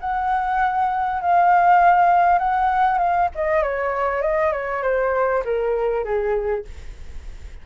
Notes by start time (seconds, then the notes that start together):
0.00 F#5
1.21 F5
2.39 F#5
2.98 F5
3.35 D#5
3.63 C#5
4.22 D#5
4.52 C#5
4.83 C5
5.45 A#4
6.04 G#4